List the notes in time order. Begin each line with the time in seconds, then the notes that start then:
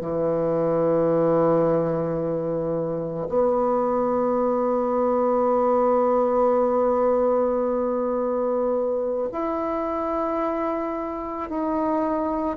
0.00 E3
3.28 B3
9.32 E4
11.49 D#4